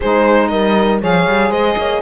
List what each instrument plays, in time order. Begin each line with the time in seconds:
0.00 cello G#3, saxophone D#4, horn G#4, violin C5
0.48 cello G3, horn A#4, violin D#5
1.01 cello F3, saxophone G#4, horn C#5, violin F5
1.26 cello G3
1.50 cello G#3, horn C5, violin D#5
1.77 cello A#3, horn C#5